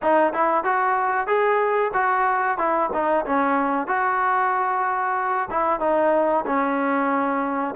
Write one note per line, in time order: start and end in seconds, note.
0.02 0.33 D#4
0.33 0.64 E4
0.64 1.27 F#4
1.27 1.91 G#4
1.93 2.57 F#4
2.57 2.90 E4
2.93 3.25 D#4
3.25 3.87 C#4
3.87 5.48 F#4
5.50 5.80 E4
5.80 6.44 D#4
6.45 7.74 C#4